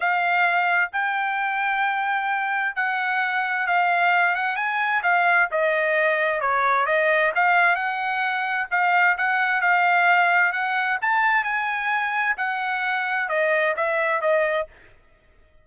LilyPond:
\new Staff \with { instrumentName = "trumpet" } { \time 4/4 \tempo 4 = 131 f''2 g''2~ | g''2 fis''2 | f''4. fis''8 gis''4 f''4 | dis''2 cis''4 dis''4 |
f''4 fis''2 f''4 | fis''4 f''2 fis''4 | a''4 gis''2 fis''4~ | fis''4 dis''4 e''4 dis''4 | }